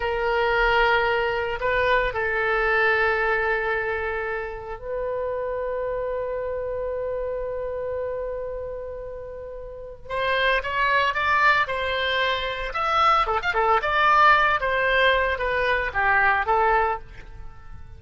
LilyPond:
\new Staff \with { instrumentName = "oboe" } { \time 4/4 \tempo 4 = 113 ais'2. b'4 | a'1~ | a'4 b'2.~ | b'1~ |
b'2. c''4 | cis''4 d''4 c''2 | e''4 a'16 f''16 a'8 d''4. c''8~ | c''4 b'4 g'4 a'4 | }